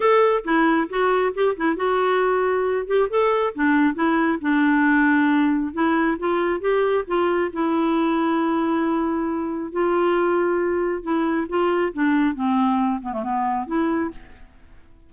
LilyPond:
\new Staff \with { instrumentName = "clarinet" } { \time 4/4 \tempo 4 = 136 a'4 e'4 fis'4 g'8 e'8 | fis'2~ fis'8 g'8 a'4 | d'4 e'4 d'2~ | d'4 e'4 f'4 g'4 |
f'4 e'2.~ | e'2 f'2~ | f'4 e'4 f'4 d'4 | c'4. b16 a16 b4 e'4 | }